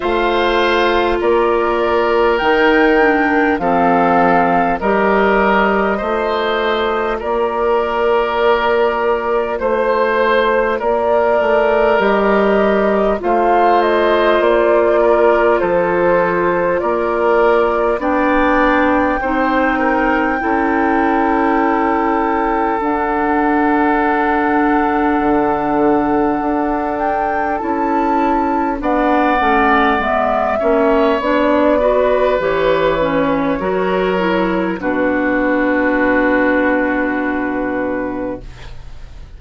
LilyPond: <<
  \new Staff \with { instrumentName = "flute" } { \time 4/4 \tempo 4 = 50 f''4 d''4 g''4 f''4 | dis''2 d''2 | c''4 d''4 dis''4 f''8 dis''8 | d''4 c''4 d''4 g''4~ |
g''2. fis''4~ | fis''2~ fis''8 g''8 a''4 | fis''4 e''4 d''4 cis''4~ | cis''4 b'2. | }
  \new Staff \with { instrumentName = "oboe" } { \time 4/4 c''4 ais'2 a'4 | ais'4 c''4 ais'2 | c''4 ais'2 c''4~ | c''8 ais'8 a'4 ais'4 d''4 |
c''8 ais'8 a'2.~ | a'1 | d''4. cis''4 b'4. | ais'4 fis'2. | }
  \new Staff \with { instrumentName = "clarinet" } { \time 4/4 f'2 dis'8 d'8 c'4 | g'4 f'2.~ | f'2 g'4 f'4~ | f'2. d'4 |
dis'4 e'2 d'4~ | d'2. e'4 | d'8 cis'8 b8 cis'8 d'8 fis'8 g'8 cis'8 | fis'8 e'8 d'2. | }
  \new Staff \with { instrumentName = "bassoon" } { \time 4/4 a4 ais4 dis4 f4 | g4 a4 ais2 | a4 ais8 a8 g4 a4 | ais4 f4 ais4 b4 |
c'4 cis'2 d'4~ | d'4 d4 d'4 cis'4 | b8 a8 gis8 ais8 b4 e4 | fis4 b,2. | }
>>